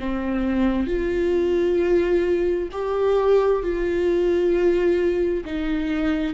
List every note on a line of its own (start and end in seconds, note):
0.00 0.88 C4
0.88 2.69 F4
2.72 3.63 G4
3.63 5.45 F4
5.45 6.35 D#4